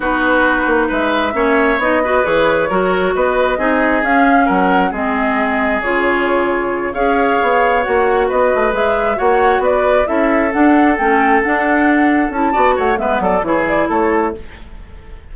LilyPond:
<<
  \new Staff \with { instrumentName = "flute" } { \time 4/4 \tempo 4 = 134 b'2 e''2 | dis''4 cis''2 dis''4~ | dis''4 f''4 fis''4 dis''4~ | dis''4 cis''2~ cis''8 f''8~ |
f''4. fis''4 dis''4 e''8~ | e''8 fis''4 d''4 e''4 fis''8~ | fis''8 g''4 fis''2 a''8~ | a''8 fis''8 e''8 d''8 cis''8 d''8 cis''4 | }
  \new Staff \with { instrumentName = "oboe" } { \time 4/4 fis'2 b'4 cis''4~ | cis''8 b'4. ais'4 b'4 | gis'2 ais'4 gis'4~ | gis'2.~ gis'8 cis''8~ |
cis''2~ cis''8 b'4.~ | b'8 cis''4 b'4 a'4.~ | a'1 | d''8 cis''8 b'8 a'8 gis'4 a'4 | }
  \new Staff \with { instrumentName = "clarinet" } { \time 4/4 dis'2. cis'4 | dis'8 fis'8 gis'4 fis'2 | dis'4 cis'2 c'4~ | c'4 f'2~ f'8 gis'8~ |
gis'4. fis'2 gis'8~ | gis'8 fis'2 e'4 d'8~ | d'8 cis'4 d'2 e'8 | fis'4 b4 e'2 | }
  \new Staff \with { instrumentName = "bassoon" } { \time 4/4 b4. ais8 gis4 ais4 | b4 e4 fis4 b4 | c'4 cis'4 fis4 gis4~ | gis4 cis2~ cis8 cis'8~ |
cis'8 b4 ais4 b8 a8 gis8~ | gis8 ais4 b4 cis'4 d'8~ | d'8 a4 d'2 cis'8 | b8 a8 gis8 fis8 e4 a4 | }
>>